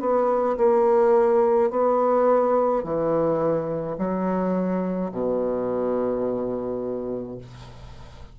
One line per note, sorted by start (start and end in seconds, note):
0.00 0.57 B3
0.57 1.70 A#3
1.70 2.84 B3
2.84 3.97 E3
3.98 5.11 F#3
5.11 7.38 B2